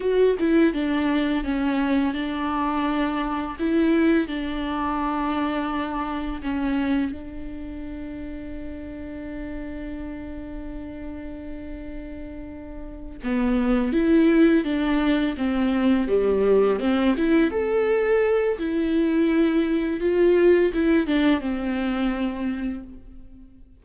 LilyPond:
\new Staff \with { instrumentName = "viola" } { \time 4/4 \tempo 4 = 84 fis'8 e'8 d'4 cis'4 d'4~ | d'4 e'4 d'2~ | d'4 cis'4 d'2~ | d'1~ |
d'2~ d'8 b4 e'8~ | e'8 d'4 c'4 g4 c'8 | e'8 a'4. e'2 | f'4 e'8 d'8 c'2 | }